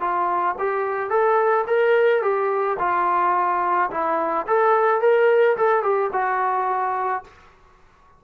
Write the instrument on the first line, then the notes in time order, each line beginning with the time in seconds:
trombone
0.00 F4
0.59 G4
1.10 A4
1.67 A#4
2.22 G4
2.79 F4
3.91 E4
4.47 A4
5.01 A#4
5.57 A4
5.83 G4
6.13 F#4